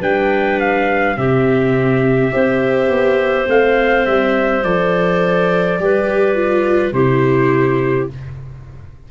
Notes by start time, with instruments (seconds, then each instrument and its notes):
0.00 tuba G3, viola D4, clarinet B4, trumpet G5
0.60 trumpet F5
1.15 tuba C3, viola C4, clarinet G4, trumpet E5
2.31 tuba C4, viola G4, clarinet C5
2.88 tuba B3
3.46 tuba A3, viola C4, trumpet F5
4.06 tuba G3, trumpet E5
4.63 tuba F3, viola A4, trumpet D5
5.79 tuba G3, viola G4, clarinet B4
6.34 viola F4
6.92 tuba C3, viola E4, clarinet G4, trumpet C5